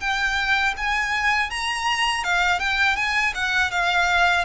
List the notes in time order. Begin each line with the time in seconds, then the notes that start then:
0.00 G5
0.77 G#5
1.50 A#5
2.24 F5
2.59 G5
2.96 G#5
3.35 F#5
3.71 F5